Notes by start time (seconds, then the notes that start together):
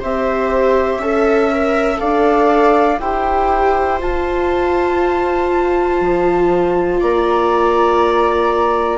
0.00 C4 G4 C5 E5
0.98 C#4 A4 E5
1.52 A#4
1.97 D4 A4 D5 F5
3.00 E4 G4 C5 G5
4.00 F4 A5
6.01 F3
7.00 A#3 D5 A#5